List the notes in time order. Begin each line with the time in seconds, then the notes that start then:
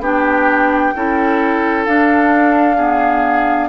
0.00 B3 D4 G4 G5
0.96 C#4 E4 A4
1.86 D4 F5
2.77 B3 G#4